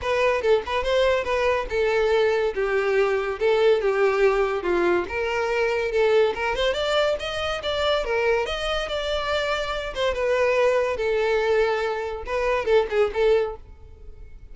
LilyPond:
\new Staff \with { instrumentName = "violin" } { \time 4/4 \tempo 4 = 142 b'4 a'8 b'8 c''4 b'4 | a'2 g'2 | a'4 g'2 f'4 | ais'2 a'4 ais'8 c''8 |
d''4 dis''4 d''4 ais'4 | dis''4 d''2~ d''8 c''8 | b'2 a'2~ | a'4 b'4 a'8 gis'8 a'4 | }